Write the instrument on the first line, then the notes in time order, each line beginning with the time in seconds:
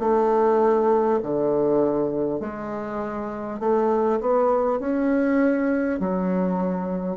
bassoon
0.00 A3
1.23 D3
2.40 G#3
3.59 A3
4.21 B3
4.80 C#4
5.99 F#3